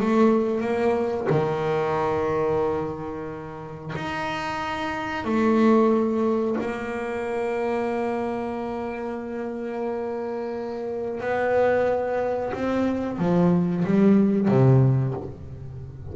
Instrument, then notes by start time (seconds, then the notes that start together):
double bass
0.00 A3
0.61 A#3
1.30 D#3
3.96 D#4
5.24 A3
6.60 A#3
11.20 B3
12.53 C4
13.18 F3
13.85 G3
14.48 C3